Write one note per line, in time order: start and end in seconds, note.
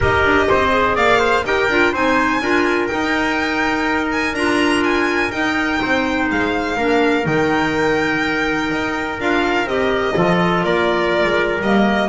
0.00 0.24 D#4
0.00 0.70 G4
0.00 0.46 A#4
0.00 0.96 D#5
0.24 0.48 D4
0.49 0.96 C4
0.49 0.95 C5
0.70 1.42 G#4
0.95 1.44 A#3
0.95 1.19 D5
0.95 1.44 F5
1.19 1.43 C5
1.44 1.68 D#4
1.44 1.69 G4
1.44 1.92 A#4
1.44 1.94 G5
1.68 1.93 D4
1.68 1.94 F4
1.92 2.41 C4
1.92 2.42 D#4
1.92 2.40 C5
1.92 2.86 G#5
2.41 2.90 D4
2.41 2.90 F4
2.41 5.81 A#4
2.86 4.35 D#4
2.86 4.33 D#4
2.86 4.07 G5
4.11 4.35 G#5
4.33 5.30 D4
4.33 5.31 F4
4.33 4.83 A#5
4.83 5.31 G#5
5.31 6.76 D#4
5.31 5.79 D#4
5.31 6.28 G5
5.81 6.30 C4
5.81 6.76 C5
6.31 6.77 G#3
6.31 7.26 F5
6.76 7.26 A#3
6.76 7.23 D4
6.76 10.15 A#4
7.23 8.71 D#3
7.23 9.16 D#4
7.23 9.20 G5
8.71 9.19 D#4
9.19 9.64 D4
9.19 9.67 F4
9.19 9.68 F5
9.64 10.13 C4
9.64 10.15 G4
9.64 10.64 D#5
10.15 10.64 F3
10.15 11.60 F4
10.15 10.64 A4
10.64 11.23 A#3
10.64 12.08 A#4
10.64 11.60 D5
11.23 11.59 G#3
11.61 12.08 G3
11.61 12.08 A#3
11.61 12.08 D#5